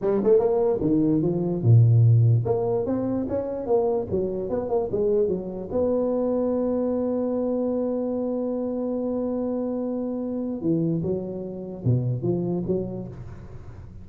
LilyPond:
\new Staff \with { instrumentName = "tuba" } { \time 4/4 \tempo 4 = 147 g8 a8 ais4 dis4 f4 | ais,2 ais4 c'4 | cis'4 ais4 fis4 b8 ais8 | gis4 fis4 b2~ |
b1~ | b1~ | b2 e4 fis4~ | fis4 b,4 f4 fis4 | }